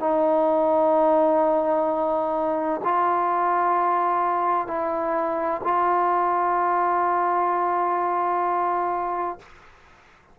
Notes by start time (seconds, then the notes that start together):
0.00 D#4
2.84 F4
4.67 E4
5.64 F4